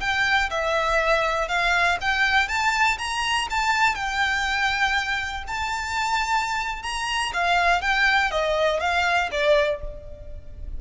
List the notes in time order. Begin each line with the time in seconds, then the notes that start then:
0.00 G5
0.50 E5
1.48 F5
2.01 G5
2.48 A5
2.98 A#5
3.50 A5
3.95 G5
5.47 A5
6.82 A#5
7.33 F5
7.81 G5
8.31 D#5
8.80 F5
9.31 D5